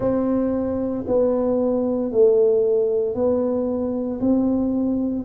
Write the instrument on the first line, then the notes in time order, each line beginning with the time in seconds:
tuba
0.00 C4
1.07 B3
2.11 A3
3.14 B3
4.20 C4